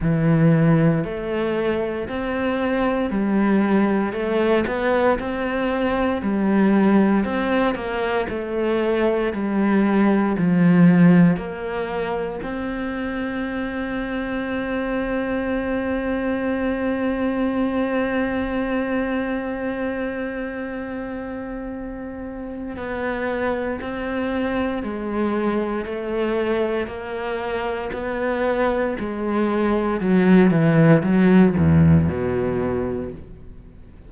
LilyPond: \new Staff \with { instrumentName = "cello" } { \time 4/4 \tempo 4 = 58 e4 a4 c'4 g4 | a8 b8 c'4 g4 c'8 ais8 | a4 g4 f4 ais4 | c'1~ |
c'1~ | c'2 b4 c'4 | gis4 a4 ais4 b4 | gis4 fis8 e8 fis8 e,8 b,4 | }